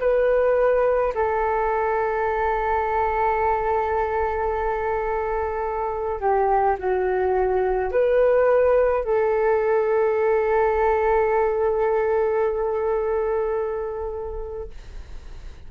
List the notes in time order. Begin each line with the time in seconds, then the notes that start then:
0.00 B4
1.15 A4
6.21 G4
6.79 F#4
7.92 B4
9.04 A4